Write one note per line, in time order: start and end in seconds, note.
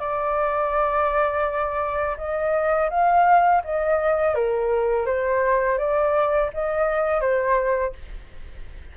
0.00 2.17 D5
2.18 2.90 D#5
2.90 3.63 F5
3.64 4.35 D#5
4.35 5.07 A#4
5.07 5.79 C5
5.79 6.51 D5
6.54 7.21 D#5
7.21 7.94 C5